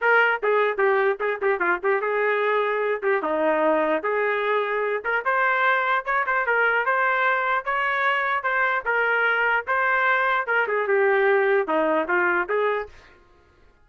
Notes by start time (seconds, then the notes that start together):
0.01 A#4
0.42 G#4
0.77 G4
1.20 G#4
1.41 G4
1.59 F4
1.83 G4
2.01 G#4
3.02 G4
3.22 D#4
4.02 G#4
5.04 A#4
5.24 C5
6.05 C#5
6.26 C5
6.46 A#4
6.85 C5
7.65 C#5
8.43 C5
8.85 A#4
9.67 C5
10.47 A#4
10.67 G#4
10.87 G4
11.67 D#4
12.08 F4
12.48 G#4